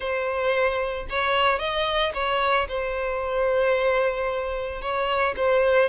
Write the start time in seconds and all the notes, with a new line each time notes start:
0.00 C5
1.09 C#5
1.59 D#5
2.14 C#5
2.68 C5
4.81 C#5
5.36 C5